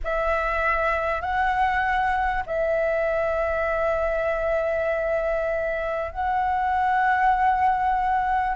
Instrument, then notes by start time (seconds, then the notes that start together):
flute
0.04 E5
1.21 F#5
2.46 E5
6.11 F#5